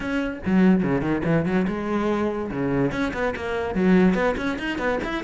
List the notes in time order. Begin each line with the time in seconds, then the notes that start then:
0.00 C#4
0.45 F#3
0.83 C#3
1.01 D#3
1.25 E3
1.45 F#3
1.67 G#3
2.51 C#3
2.91 C#4
3.13 B3
3.36 A#3
3.74 F#3
4.14 B3
4.37 C#4
4.58 D#4
4.78 B3
5.03 E4